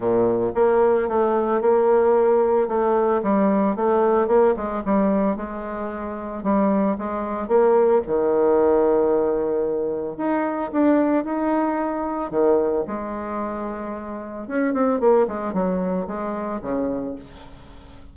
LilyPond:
\new Staff \with { instrumentName = "bassoon" } { \time 4/4 \tempo 4 = 112 ais,4 ais4 a4 ais4~ | ais4 a4 g4 a4 | ais8 gis8 g4 gis2 | g4 gis4 ais4 dis4~ |
dis2. dis'4 | d'4 dis'2 dis4 | gis2. cis'8 c'8 | ais8 gis8 fis4 gis4 cis4 | }